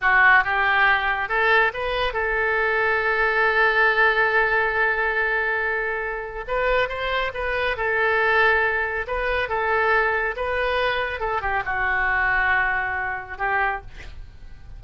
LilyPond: \new Staff \with { instrumentName = "oboe" } { \time 4/4 \tempo 4 = 139 fis'4 g'2 a'4 | b'4 a'2.~ | a'1~ | a'2. b'4 |
c''4 b'4 a'2~ | a'4 b'4 a'2 | b'2 a'8 g'8 fis'4~ | fis'2. g'4 | }